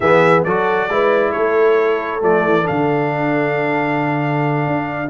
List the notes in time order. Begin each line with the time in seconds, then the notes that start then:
0.00 E3 B3 G#4 E5
0.44 F#3 F#4 A4 D5
0.88 G#3 E4 B4
1.32 A3 A4 C#5
2.21 F3 A3 D5
2.44 E3
2.63 D3 D4 F5
4.66 D4